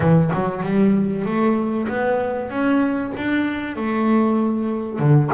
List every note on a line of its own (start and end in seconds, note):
0.00 0.31 E3
0.33 0.62 F#3
0.62 1.25 G3
1.25 1.87 A3
1.88 2.50 B3
2.50 3.12 C#4
3.16 3.76 D4
3.76 4.99 A3
4.99 5.30 D3